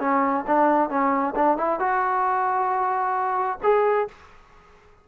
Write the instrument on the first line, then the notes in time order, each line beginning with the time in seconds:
trombone
0.00 C#4
0.47 D4
0.90 C#4
1.36 D4
1.57 E4
1.79 F#4
3.63 G#4